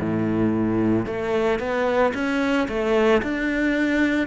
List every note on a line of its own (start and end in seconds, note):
0.00 1.06 A2
1.06 1.59 A3
1.59 2.12 B3
2.14 2.67 C#4
2.68 3.21 A3
3.22 4.27 D4